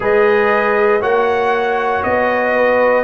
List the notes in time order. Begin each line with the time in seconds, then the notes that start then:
0.00 G#3 G#4 B4 D#5
1.00 A#3 F#4 C#5 F#5
2.03 B3 D#5
2.55 B4